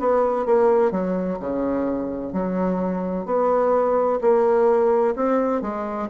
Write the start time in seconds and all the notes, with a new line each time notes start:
0.00 B3
0.46 A#3
0.92 F#3
1.40 C#3
2.33 F#3
3.26 B3
4.21 A#3
5.16 C4
5.62 G#3